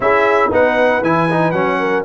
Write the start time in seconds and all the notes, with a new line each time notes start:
0.00 C#4 E4 G#4 E5
0.50 B3 D#4 B4 F#5
1.01 E3 E4 G#5
1.30 D#4
1.51 F#3 C#4 F#5
1.79 A#4